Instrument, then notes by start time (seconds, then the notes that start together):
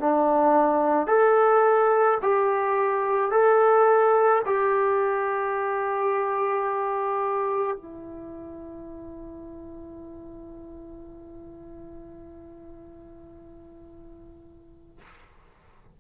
trombone
0.00 D4
1.08 A4
2.23 G4
3.31 A4
4.46 G4
7.77 E4